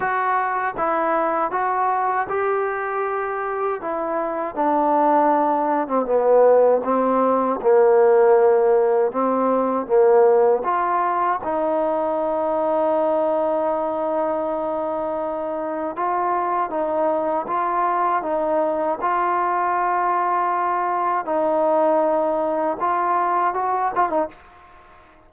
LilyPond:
\new Staff \with { instrumentName = "trombone" } { \time 4/4 \tempo 4 = 79 fis'4 e'4 fis'4 g'4~ | g'4 e'4 d'4.~ d'16 c'16 | b4 c'4 ais2 | c'4 ais4 f'4 dis'4~ |
dis'1~ | dis'4 f'4 dis'4 f'4 | dis'4 f'2. | dis'2 f'4 fis'8 f'16 dis'16 | }